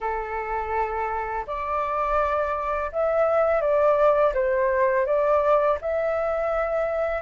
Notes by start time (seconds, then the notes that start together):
0.00 A4
1.46 D5
2.91 E5
3.61 D5
4.34 C5
5.05 D5
5.81 E5